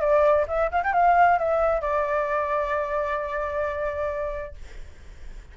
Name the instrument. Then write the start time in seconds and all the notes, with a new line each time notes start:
flute
0.00 D5
0.48 E5
0.71 F5
0.83 G5
0.93 F5
1.39 E5
1.81 D5